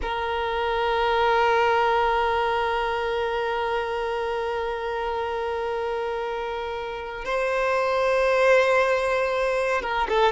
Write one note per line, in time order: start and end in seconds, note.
0.01 7.24 A#4
7.24 9.81 C5
9.81 10.07 A#4
10.08 10.32 A4